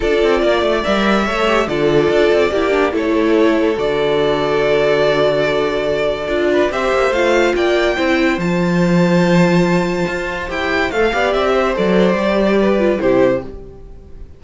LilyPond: <<
  \new Staff \with { instrumentName = "violin" } { \time 4/4 \tempo 4 = 143 d''2 e''2 | d''2. cis''4~ | cis''4 d''2.~ | d''1 |
e''4 f''4 g''2 | a''1~ | a''4 g''4 f''4 e''4 | d''2. c''4 | }
  \new Staff \with { instrumentName = "violin" } { \time 4/4 a'4 d''2 cis''4 | a'2 g'4 a'4~ | a'1~ | a'2.~ a'8 b'8 |
c''2 d''4 c''4~ | c''1~ | c''2~ c''8 d''4 c''8~ | c''2 b'4 g'4 | }
  \new Staff \with { instrumentName = "viola" } { \time 4/4 f'2 ais'4 a'8 g'8 | f'2 e'8 d'8 e'4~ | e'4 fis'2.~ | fis'2. f'4 |
g'4 f'2 e'4 | f'1~ | f'4 g'4 a'8 g'4. | a'4 g'4. f'8 e'4 | }
  \new Staff \with { instrumentName = "cello" } { \time 4/4 d'8 c'8 ais8 a8 g4 a4 | d4 d'8 c'8 ais4 a4~ | a4 d2.~ | d2. d'4 |
c'8 ais8 a4 ais4 c'4 | f1 | f'4 e'4 a8 b8 c'4 | fis4 g2 c4 | }
>>